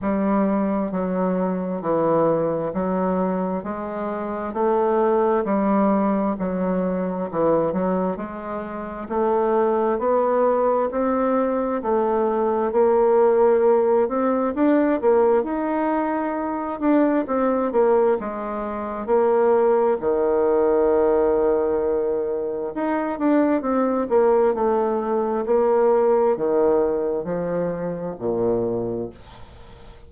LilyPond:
\new Staff \with { instrumentName = "bassoon" } { \time 4/4 \tempo 4 = 66 g4 fis4 e4 fis4 | gis4 a4 g4 fis4 | e8 fis8 gis4 a4 b4 | c'4 a4 ais4. c'8 |
d'8 ais8 dis'4. d'8 c'8 ais8 | gis4 ais4 dis2~ | dis4 dis'8 d'8 c'8 ais8 a4 | ais4 dis4 f4 ais,4 | }